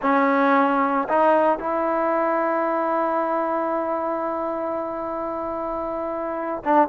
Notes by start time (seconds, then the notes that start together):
0.01 C#4
1.09 D#4
1.58 E4
6.64 D4